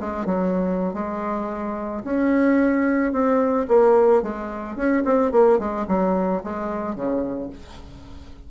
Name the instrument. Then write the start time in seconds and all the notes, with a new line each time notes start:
bassoon
0.00 G#3
0.26 F#3
0.94 G#3
2.04 C#4
3.12 C4
3.68 A#3
4.22 G#3
4.76 C#4
5.05 C4
5.32 A#3
5.59 G#3
5.88 F#3
6.44 G#3
6.95 C#3